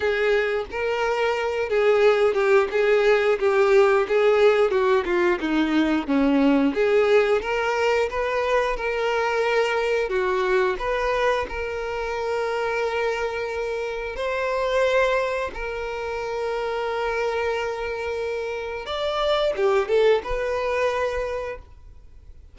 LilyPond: \new Staff \with { instrumentName = "violin" } { \time 4/4 \tempo 4 = 89 gis'4 ais'4. gis'4 g'8 | gis'4 g'4 gis'4 fis'8 f'8 | dis'4 cis'4 gis'4 ais'4 | b'4 ais'2 fis'4 |
b'4 ais'2.~ | ais'4 c''2 ais'4~ | ais'1 | d''4 g'8 a'8 b'2 | }